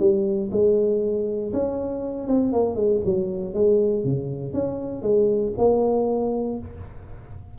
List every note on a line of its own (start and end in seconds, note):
0.00 0.50 G3
0.52 1.53 G#3
1.54 2.28 C#4
2.28 2.53 C4
2.53 2.76 A#3
2.76 3.01 G#3
3.05 3.54 F#3
3.54 4.05 G#3
4.05 4.54 C#3
4.54 5.02 C#4
5.02 5.53 G#3
5.58 6.59 A#3